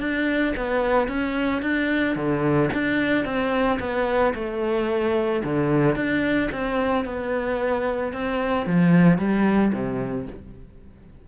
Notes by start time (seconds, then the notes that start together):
0.00 D4
0.57 B3
1.08 C#4
1.62 D4
2.16 D3
2.74 D4
3.25 C4
3.80 B3
4.35 A3
5.44 D3
5.96 D4
6.52 C4
7.05 B3
8.13 C4
8.67 F3
9.18 G3
9.73 C3